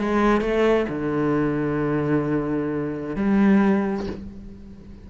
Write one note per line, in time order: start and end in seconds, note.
0.00 0.41 G#3
0.41 0.87 A3
0.90 3.16 D3
3.16 4.07 G3